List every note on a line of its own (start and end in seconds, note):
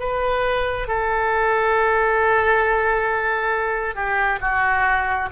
0.00 0.88 B4
0.88 3.95 A4
3.95 4.40 G4
4.41 5.29 F#4